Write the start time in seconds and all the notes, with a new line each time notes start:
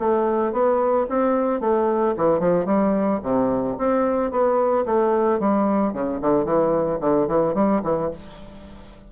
0.00 A3
0.53 B3
1.10 C4
1.61 A3
2.17 E3
2.40 F3
2.66 G3
3.23 C3
3.78 C4
4.32 B3
4.86 A3
5.40 G3
5.94 C#3
6.22 D3
6.45 E3
7.01 D3
7.28 E3
7.55 G3
7.84 E3